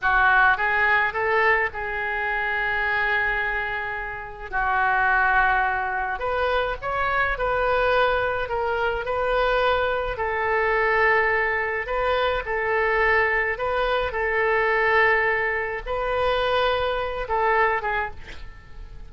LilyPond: \new Staff \with { instrumentName = "oboe" } { \time 4/4 \tempo 4 = 106 fis'4 gis'4 a'4 gis'4~ | gis'1 | fis'2. b'4 | cis''4 b'2 ais'4 |
b'2 a'2~ | a'4 b'4 a'2 | b'4 a'2. | b'2~ b'8 a'4 gis'8 | }